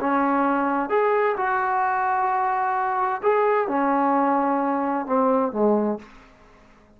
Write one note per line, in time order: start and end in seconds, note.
0.00 0.89 C#4
0.89 1.35 G#4
1.37 3.21 F#4
3.22 3.67 G#4
3.67 5.06 C#4
5.06 5.52 C4
5.52 5.98 G#3